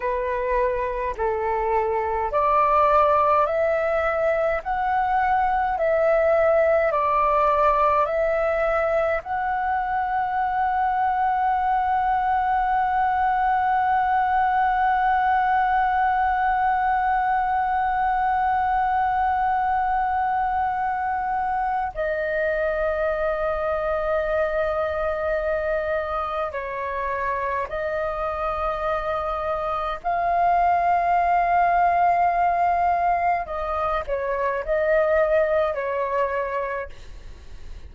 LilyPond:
\new Staff \with { instrumentName = "flute" } { \time 4/4 \tempo 4 = 52 b'4 a'4 d''4 e''4 | fis''4 e''4 d''4 e''4 | fis''1~ | fis''1~ |
fis''2. dis''4~ | dis''2. cis''4 | dis''2 f''2~ | f''4 dis''8 cis''8 dis''4 cis''4 | }